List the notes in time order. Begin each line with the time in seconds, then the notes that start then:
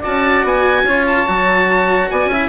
0.00 F#4 D5 A5
0.06 C#4
0.44 B3 G#5
0.83 C#4 F4 C#5
1.07 A5
1.27 F#3 F#4
2.10 B3 D5 G#5
2.26 C#4 E5
2.34 E4